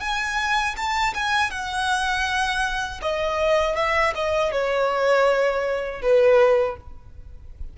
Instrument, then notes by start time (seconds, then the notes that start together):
violin
0.00 G#5
0.76 A5
1.14 G#5
1.50 F#5
3.01 D#5
3.75 E5
4.15 D#5
4.51 C#5
6.01 B4